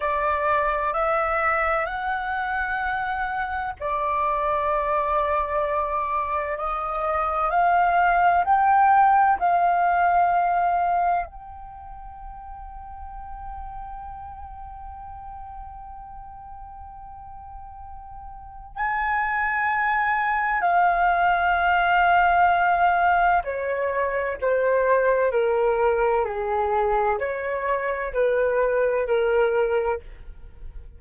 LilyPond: \new Staff \with { instrumentName = "flute" } { \time 4/4 \tempo 4 = 64 d''4 e''4 fis''2 | d''2. dis''4 | f''4 g''4 f''2 | g''1~ |
g''1 | gis''2 f''2~ | f''4 cis''4 c''4 ais'4 | gis'4 cis''4 b'4 ais'4 | }